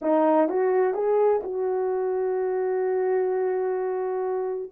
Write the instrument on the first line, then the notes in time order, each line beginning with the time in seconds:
horn
0.01 D#4
0.48 F#4
0.93 G#4
1.43 F#4